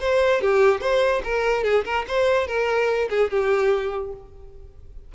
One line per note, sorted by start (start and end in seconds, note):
0.00 0.41 C5
0.41 0.81 G4
0.81 1.22 C5
1.24 1.64 A#4
1.64 1.84 G#4
1.85 2.05 A#4
2.08 2.47 C5
2.47 3.09 A#4
3.10 3.30 G#4
3.30 4.13 G4